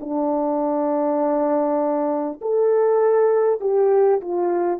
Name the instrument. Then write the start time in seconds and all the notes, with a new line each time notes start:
horn
0.00 D4
2.42 A4
3.61 G4
4.21 F4